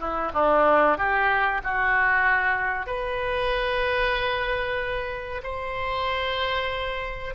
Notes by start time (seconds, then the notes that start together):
0.00 E4
0.34 D4
0.98 G4
1.64 F#4
2.87 B4
5.44 C5